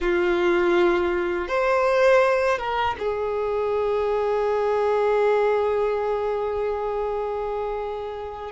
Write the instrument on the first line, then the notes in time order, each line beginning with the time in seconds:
violin
0.00 F4
1.48 C5
2.58 A#4
2.98 G#4